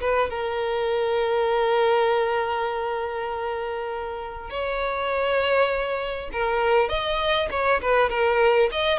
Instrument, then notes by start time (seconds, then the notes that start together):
violin
0.00 B4
0.30 A#4
4.50 C#5
6.32 A#4
6.88 D#5
7.50 C#5
7.81 B4
8.09 A#4
8.71 D#5